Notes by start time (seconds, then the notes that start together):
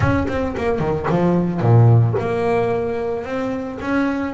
0.00 C#4
0.28 C4
0.57 A#3
0.79 D#3
1.09 F3
1.60 A#2
2.19 A#3
3.24 C4
3.81 C#4